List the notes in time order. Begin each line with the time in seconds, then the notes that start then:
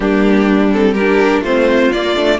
0.00 G3 A#3 D4 G4
0.72 C4 A4
0.92 G4 A#4
1.00 D4
1.41 A3 C4 F4 C5
1.92 A#3 D5
2.16 A3 D4